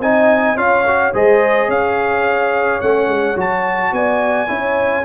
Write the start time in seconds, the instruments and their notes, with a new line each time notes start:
0.00 tuba C4, trombone D#4, horn D#5, trumpet G#5
0.56 tuba C#4, trombone F4, horn C#5, trumpet F5
0.87 trombone F#4
1.14 tuba G#3, trombone G#4, horn C5, trumpet D#5
1.68 tuba C#4, horn C#5, trumpet F5
2.81 tuba A3, trombone C#4, trumpet F#5
3.08 tuba G#3
3.36 tuba F#3, trombone F#4, trumpet A5
3.92 tuba B3, horn D5, trumpet G#5
4.48 tuba C#4, trombone E4, horn C#5